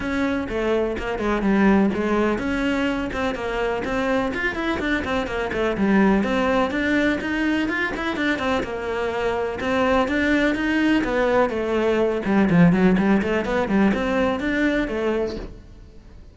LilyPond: \new Staff \with { instrumentName = "cello" } { \time 4/4 \tempo 4 = 125 cis'4 a4 ais8 gis8 g4 | gis4 cis'4. c'8 ais4 | c'4 f'8 e'8 d'8 c'8 ais8 a8 | g4 c'4 d'4 dis'4 |
f'8 e'8 d'8 c'8 ais2 | c'4 d'4 dis'4 b4 | a4. g8 f8 fis8 g8 a8 | b8 g8 c'4 d'4 a4 | }